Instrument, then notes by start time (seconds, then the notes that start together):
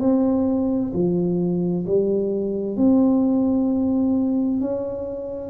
tuba
0.00 C4
0.94 F3
1.86 G3
2.77 C4
4.61 C#4